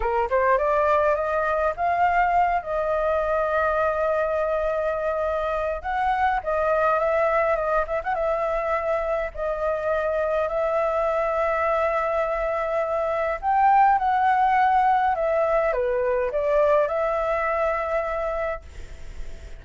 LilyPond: \new Staff \with { instrumentName = "flute" } { \time 4/4 \tempo 4 = 103 ais'8 c''8 d''4 dis''4 f''4~ | f''8 dis''2.~ dis''8~ | dis''2 fis''4 dis''4 | e''4 dis''8 e''16 fis''16 e''2 |
dis''2 e''2~ | e''2. g''4 | fis''2 e''4 b'4 | d''4 e''2. | }